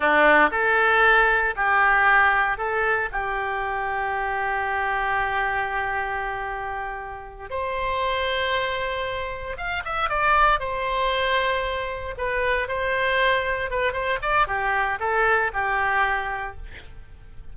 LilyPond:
\new Staff \with { instrumentName = "oboe" } { \time 4/4 \tempo 4 = 116 d'4 a'2 g'4~ | g'4 a'4 g'2~ | g'1~ | g'2~ g'8 c''4.~ |
c''2~ c''8 f''8 e''8 d''8~ | d''8 c''2. b'8~ | b'8 c''2 b'8 c''8 d''8 | g'4 a'4 g'2 | }